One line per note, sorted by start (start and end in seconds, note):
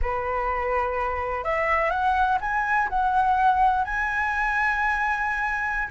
0.02 1.44 B4
1.44 1.90 E5
1.90 2.38 F#5
2.40 2.88 G#5
2.89 3.84 F#5
3.84 5.88 G#5